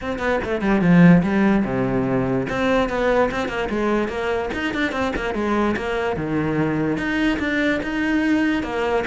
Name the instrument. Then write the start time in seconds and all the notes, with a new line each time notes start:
cello
0.01 C4
0.18 B3
0.44 A3
0.61 G3
0.81 F3
1.22 G3
1.64 C3
2.49 C4
2.89 B3
3.31 C4
3.48 A#3
3.69 G#3
4.08 A#3
4.53 D#4
4.74 D4
4.92 C4
5.15 A#3
5.34 G#3
5.76 A#3
6.16 D#3
6.97 D#4
7.39 D4
7.82 D#4
8.63 A#3